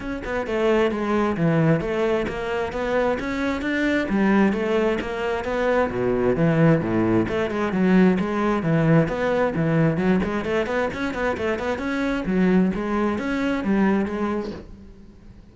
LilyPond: \new Staff \with { instrumentName = "cello" } { \time 4/4 \tempo 4 = 132 cis'8 b8 a4 gis4 e4 | a4 ais4 b4 cis'4 | d'4 g4 a4 ais4 | b4 b,4 e4 a,4 |
a8 gis8 fis4 gis4 e4 | b4 e4 fis8 gis8 a8 b8 | cis'8 b8 a8 b8 cis'4 fis4 | gis4 cis'4 g4 gis4 | }